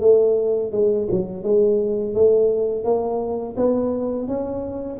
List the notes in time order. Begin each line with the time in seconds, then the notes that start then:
0.00 A3
0.72 G#3
1.10 F#3
1.43 G#3
2.14 A3
2.84 A#3
3.56 B3
4.27 C#4